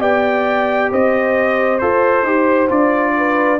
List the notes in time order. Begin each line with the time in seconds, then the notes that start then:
0.00 B3 G4 D5 G5
0.91 C4 C5 D#5
1.79 F4 A4 C5
2.23 D#4 G4
2.69 D4 F4 D5
3.17 B4